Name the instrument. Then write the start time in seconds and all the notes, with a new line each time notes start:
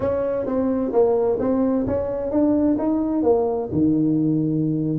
tuba
0.00 C#4
0.46 C4
0.92 A#3
1.39 C4
1.87 C#4
2.30 D4
2.78 D#4
3.22 A#3
3.72 D#3